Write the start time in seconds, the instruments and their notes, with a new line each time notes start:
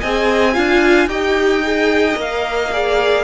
0.00 cello C4, viola G#4, violin D#5 G#5
0.53 cello D4, viola F4, violin F5
1.06 cello D#4, viola G4, violin D#5 G5
1.63 viola G#4
2.15 cello A#3, viola A#4
2.21 violin F5
2.72 viola G#4, violin D5